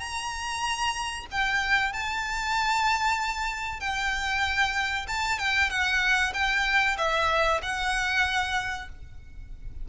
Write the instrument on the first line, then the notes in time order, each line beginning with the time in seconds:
violin
0.00 A#5
1.31 G5
1.93 A5
3.80 G5
5.08 A5
5.39 G5
5.70 F#5
6.34 G5
6.98 E5
7.62 F#5